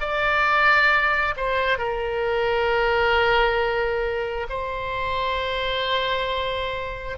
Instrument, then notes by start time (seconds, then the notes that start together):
oboe
0.00 D5
1.36 C5
1.78 A#4
4.49 C5